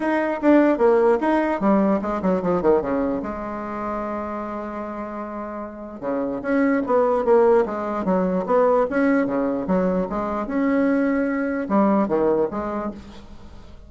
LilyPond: \new Staff \with { instrumentName = "bassoon" } { \time 4/4 \tempo 4 = 149 dis'4 d'4 ais4 dis'4 | g4 gis8 fis8 f8 dis8 cis4 | gis1~ | gis2. cis4 |
cis'4 b4 ais4 gis4 | fis4 b4 cis'4 cis4 | fis4 gis4 cis'2~ | cis'4 g4 dis4 gis4 | }